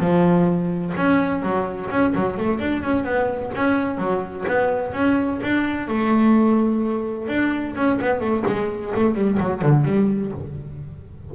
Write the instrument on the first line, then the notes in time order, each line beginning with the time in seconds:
double bass
0.00 F3
0.97 C#4
1.43 F#3
1.90 C#4
2.15 F#3
2.37 A3
2.60 D4
2.83 C#4
3.05 B3
3.55 C#4
3.98 F#3
4.48 B3
4.93 C#4
5.43 D4
5.88 A3
7.28 D4
7.76 C#4
8.01 B3
8.20 A3
8.47 G#3
8.95 A3
9.15 G3
9.40 F#3
9.62 D3
9.85 G3